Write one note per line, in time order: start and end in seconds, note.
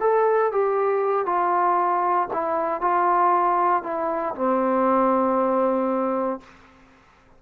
0.00 0.51 A4
0.52 1.25 G4
1.25 2.28 F4
2.32 2.81 E4
2.81 3.83 F4
3.83 4.34 E4
4.35 6.40 C4